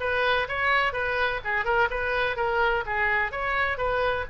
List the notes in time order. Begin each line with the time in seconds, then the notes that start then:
0.00 B4
0.48 C#5
0.93 B4
1.44 G#4
1.65 A#4
1.90 B4
2.36 A#4
2.86 G#4
3.31 C#5
3.77 B4